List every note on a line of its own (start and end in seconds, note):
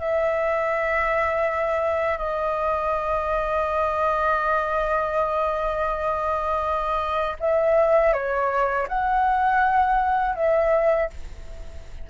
0.00 2.18 E5
2.18 7.37 D#5
7.40 8.13 E5
8.13 8.88 C#5
8.88 10.36 F#5
10.36 11.10 E5